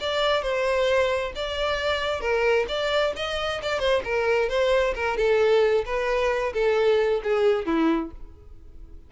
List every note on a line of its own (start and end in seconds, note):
0.00 0.42 D5
0.42 1.32 C5
1.35 2.21 D5
2.21 2.66 A#4
2.68 3.13 D5
3.16 3.61 D#5
3.62 3.79 D5
3.79 4.02 C5
4.04 4.49 A#4
4.49 4.94 C5
4.95 5.17 A#4
5.17 5.84 A4
5.85 6.53 B4
6.53 7.21 A4
7.23 7.66 G#4
7.66 8.11 E4